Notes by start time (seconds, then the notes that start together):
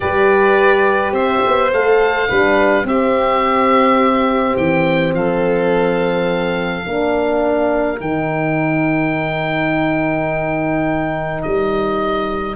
0.00 G3 G4 B4 D5
1.12 C4 C5 E5
1.47 B3
1.71 A3 A4 F5
2.28 G3 D4 B4
2.84 C4 G4 E5
4.56 E3 G5
5.13 F3 A4 F5
6.85 A#3 D4 A#4
8.00 D#3 D#4 G5
11.42 G3 D#5